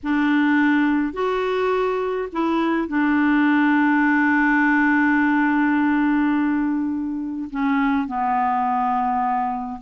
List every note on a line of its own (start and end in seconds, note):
0.03 1.12 D4
1.12 2.28 F#4
2.32 2.87 E4
2.87 7.49 D4
7.50 8.07 C#4
8.07 9.80 B3